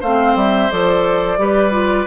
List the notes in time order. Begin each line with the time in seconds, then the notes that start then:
0.00 A3 C4 C5 F5
0.35 G3 E5
0.71 F3 A4 D5
1.38 G3 G4 B4
1.71 F4